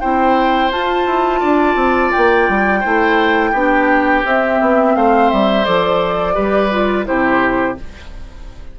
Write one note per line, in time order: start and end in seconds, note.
0.00 0.71 C4
0.00 0.71 E4
0.00 1.40 C5
0.00 0.71 G5
0.71 2.83 F4
0.71 1.06 F4
0.71 2.11 A5
1.06 1.41 E4
1.40 1.75 D4
1.40 2.80 D5
1.75 2.10 C4
2.11 2.49 A#3
2.11 4.23 G5
2.49 2.84 G3
2.80 3.53 A3
2.80 3.54 E4
2.80 3.50 C5
3.51 4.23 B3
3.51 4.24 D4
3.51 4.93 G4
4.24 5.64 C4
4.24 4.60 C4
4.24 4.95 E5
4.61 4.95 B3
4.95 5.30 A3
4.95 6.34 C5
4.95 5.30 F5
5.30 5.67 G3
5.30 5.65 E5
5.64 6.37 F3
5.64 6.34 A4
5.64 7.06 D5
6.34 7.07 G3
6.34 6.69 G4
6.34 7.05 B4
6.71 7.05 F4
7.05 7.79 C3
7.05 7.75 E4
7.05 7.78 G4
7.05 7.77 C5